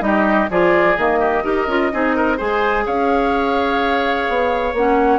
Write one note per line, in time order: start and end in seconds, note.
0.00 0.48 G3
0.00 0.47 D#4
0.00 0.50 G4
0.00 0.49 D#5
0.50 0.97 F3
0.50 0.97 F4
0.50 1.19 G#4
0.50 0.96 D5
0.96 1.44 D#3
0.96 1.43 A#3
0.96 2.38 D#5
1.19 1.43 G4
1.43 1.67 D#4
1.43 1.67 G4
1.43 1.91 A#4
1.67 1.90 C#4
1.67 1.92 F4
1.92 2.40 C4
1.92 2.38 D#4
1.92 2.16 G#4
2.16 2.37 A#4
2.37 2.87 G#3
2.37 4.74 G#4
2.37 2.84 C5
2.37 2.86 G#5
2.86 4.28 C#4
2.86 5.19 C#5
2.86 4.75 F5
4.28 4.73 B3
4.73 5.19 A#3
4.73 5.19 C#4
4.73 5.19 F#5